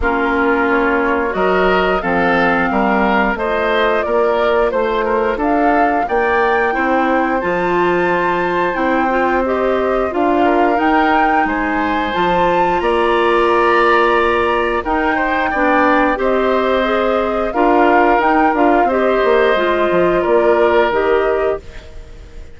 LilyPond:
<<
  \new Staff \with { instrumentName = "flute" } { \time 4/4 \tempo 4 = 89 ais'4 cis''4 dis''4 f''4~ | f''4 dis''4 d''4 c''4 | f''4 g''2 a''4~ | a''4 g''4 dis''4 f''4 |
g''4 gis''4 a''4 ais''4~ | ais''2 g''2 | dis''2 f''4 g''8 f''8 | dis''2 d''4 dis''4 | }
  \new Staff \with { instrumentName = "oboe" } { \time 4/4 f'2 ais'4 a'4 | ais'4 c''4 ais'4 c''8 ais'8 | a'4 d''4 c''2~ | c''2.~ c''8 ais'8~ |
ais'4 c''2 d''4~ | d''2 ais'8 c''8 d''4 | c''2 ais'2 | c''2 ais'2 | }
  \new Staff \with { instrumentName = "clarinet" } { \time 4/4 cis'2 fis'4 c'4~ | c'4 f'2.~ | f'2 e'4 f'4~ | f'4 e'8 f'8 g'4 f'4 |
dis'2 f'2~ | f'2 dis'4 d'4 | g'4 gis'4 f'4 dis'8 f'8 | g'4 f'2 g'4 | }
  \new Staff \with { instrumentName = "bassoon" } { \time 4/4 ais2 fis4 f4 | g4 a4 ais4 a4 | d'4 ais4 c'4 f4~ | f4 c'2 d'4 |
dis'4 gis4 f4 ais4~ | ais2 dis'4 b4 | c'2 d'4 dis'8 d'8 | c'8 ais8 gis8 f8 ais4 dis4 | }
>>